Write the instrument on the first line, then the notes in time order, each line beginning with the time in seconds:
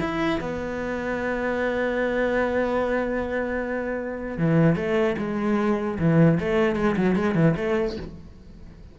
cello
0.00 E4
0.41 B3
4.38 E3
4.76 A3
5.18 G#3
5.99 E3
6.40 A3
6.76 G#3
6.97 F#3
7.16 G#3
7.35 E3
7.57 A3